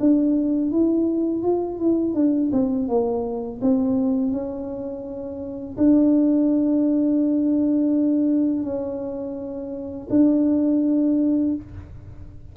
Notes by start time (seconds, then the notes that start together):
0.00 D4
0.72 E4
1.43 F4
1.79 E4
2.15 D4
2.52 C4
2.88 A#3
3.62 C4
4.32 C#4
5.78 D4
8.63 C#4
10.10 D4